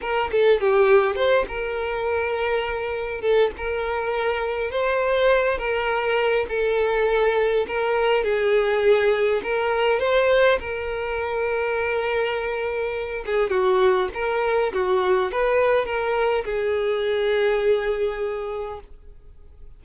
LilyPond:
\new Staff \with { instrumentName = "violin" } { \time 4/4 \tempo 4 = 102 ais'8 a'8 g'4 c''8 ais'4.~ | ais'4. a'8 ais'2 | c''4. ais'4. a'4~ | a'4 ais'4 gis'2 |
ais'4 c''4 ais'2~ | ais'2~ ais'8 gis'8 fis'4 | ais'4 fis'4 b'4 ais'4 | gis'1 | }